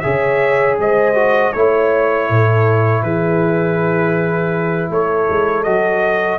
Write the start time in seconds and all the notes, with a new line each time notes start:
0.00 C#3 G#4 C#5 E5
0.78 G#3 C5 D#5
1.14 F#4
1.53 A3 E4 C#5
2.29 A2 A4
3.03 E3 G#4 B4
4.90 A3 A4 C#5
5.29 G#3
5.63 F#3 F#4 D#5